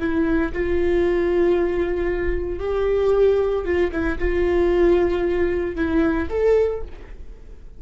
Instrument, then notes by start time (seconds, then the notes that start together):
viola
0.00 E4
0.53 F4
2.60 G4
3.65 F4
3.92 E4
4.19 F4
5.76 E4
6.30 A4